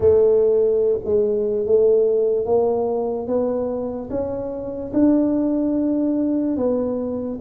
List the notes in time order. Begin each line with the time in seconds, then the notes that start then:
0.00 A3
1.04 G#3
1.66 A3
2.45 A#3
3.27 B3
4.09 C#4
4.93 D4
6.56 B3